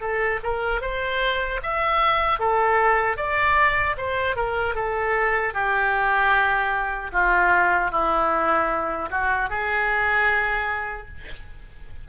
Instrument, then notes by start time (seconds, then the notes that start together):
oboe
0.00 A4
0.43 A#4
0.81 C5
1.63 E5
2.39 A4
3.17 D5
3.97 C5
4.36 A#4
4.74 A4
5.53 G4
7.12 F4
7.91 E4
9.10 F#4
9.49 G#4